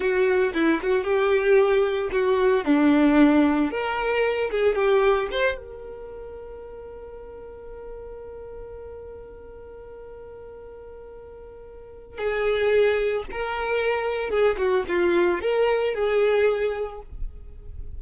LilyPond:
\new Staff \with { instrumentName = "violin" } { \time 4/4 \tempo 4 = 113 fis'4 e'8 fis'8 g'2 | fis'4 d'2 ais'4~ | ais'8 gis'8 g'4 c''8 ais'4.~ | ais'1~ |
ais'1~ | ais'2. gis'4~ | gis'4 ais'2 gis'8 fis'8 | f'4 ais'4 gis'2 | }